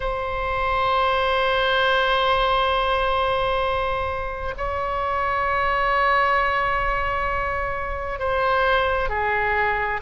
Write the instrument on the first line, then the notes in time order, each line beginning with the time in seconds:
oboe
0.00 C5
4.57 C#5
8.19 C5
9.09 G#4